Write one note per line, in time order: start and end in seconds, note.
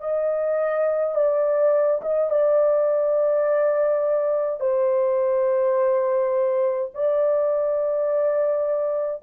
0.00 1.15 D#5
1.15 2.01 D5
2.01 2.30 D#5
2.30 4.60 D5
4.60 6.91 C5
6.94 9.23 D5